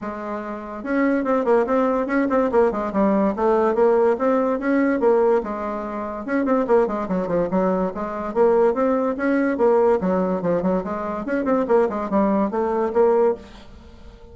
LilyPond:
\new Staff \with { instrumentName = "bassoon" } { \time 4/4 \tempo 4 = 144 gis2 cis'4 c'8 ais8 | c'4 cis'8 c'8 ais8 gis8 g4 | a4 ais4 c'4 cis'4 | ais4 gis2 cis'8 c'8 |
ais8 gis8 fis8 f8 fis4 gis4 | ais4 c'4 cis'4 ais4 | fis4 f8 fis8 gis4 cis'8 c'8 | ais8 gis8 g4 a4 ais4 | }